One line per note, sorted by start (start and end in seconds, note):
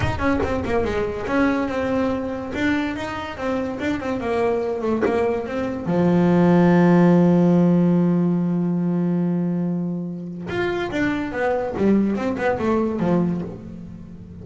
0.00 0.18 D#4
0.18 0.39 C#4
0.43 0.64 C4
0.64 0.84 A#3
0.84 1.26 G#3
1.27 1.68 C#4
1.68 2.52 C4
2.54 2.96 D4
2.96 3.37 D#4
3.37 3.79 C4
3.79 4.00 D4
4.00 4.20 C4
4.20 4.81 A#3
4.81 5.02 A3
5.05 5.46 A#3
5.46 5.86 C4
5.86 10.47 F3
10.48 10.90 F4
10.91 11.32 D4
11.32 11.74 B3
11.77 12.15 G3
12.15 12.36 C4
12.37 12.58 B3
12.58 12.99 A3
12.99 13.41 F3